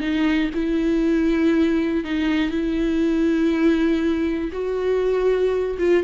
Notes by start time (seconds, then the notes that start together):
0.00 D#4
0.54 E4
2.04 D#4
2.50 E4
4.52 F#4
5.78 F4